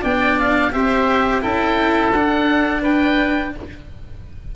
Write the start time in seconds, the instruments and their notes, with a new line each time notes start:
0.00 tuba B3, cello D4, oboe D5 G5
0.39 oboe F5
0.72 tuba C4, cello G4, oboe C5 E5
1.41 tuba C#4, cello E4, oboe A4 G5
2.12 tuba D4, cello D4, oboe F#5
2.82 oboe B4 G5